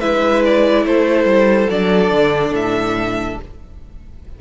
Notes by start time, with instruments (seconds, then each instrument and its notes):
0.00 cello G#3, viola E4, violin B4 E5
0.45 violin D5
0.85 cello A3, violin A4 C5
1.25 cello G3
1.70 cello F#3, viola D4, violin D5
2.11 cello D3
2.51 cello A2, violin E5